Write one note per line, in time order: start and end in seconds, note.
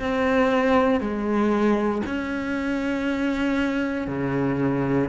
0.00 1.01 C4
1.01 2.02 G#3
2.06 4.08 C#4
4.08 5.09 C#3